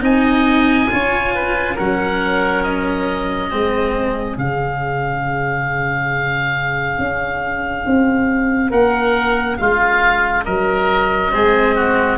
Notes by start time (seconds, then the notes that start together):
0.00 C4 D#4 D#5 G#5
0.90 C#4 F4 C#5
1.34 B4
1.74 F#3 C#4 A#4 F#5
2.63 D#5
3.49 G#3 C4 G#4
4.36 C#3 C#4 F5
6.98 C#4
7.86 C4
8.70 A#3 A#4 F#5
9.57 G#3 F4 F5
10.44 F#3 A#4 D#5
11.32 G#3 C4 G#4
11.75 F#4